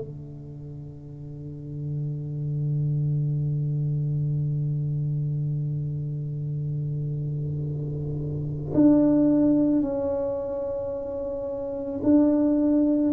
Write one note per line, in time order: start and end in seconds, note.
0.00 8.73 D3
8.74 9.82 D4
9.82 12.00 C#4
12.03 13.12 D4